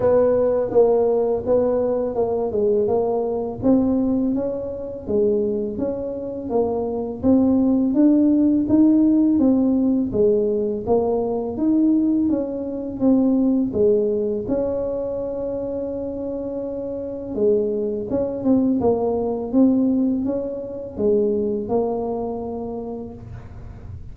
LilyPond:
\new Staff \with { instrumentName = "tuba" } { \time 4/4 \tempo 4 = 83 b4 ais4 b4 ais8 gis8 | ais4 c'4 cis'4 gis4 | cis'4 ais4 c'4 d'4 | dis'4 c'4 gis4 ais4 |
dis'4 cis'4 c'4 gis4 | cis'1 | gis4 cis'8 c'8 ais4 c'4 | cis'4 gis4 ais2 | }